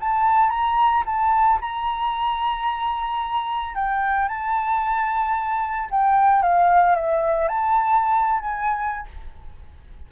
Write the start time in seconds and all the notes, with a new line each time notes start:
0.00 A5
0.49 A#5
1.05 A5
1.60 A#5
3.75 G5
4.28 A5
5.90 G5
6.42 F5
6.95 E5
7.48 A5
8.40 G#5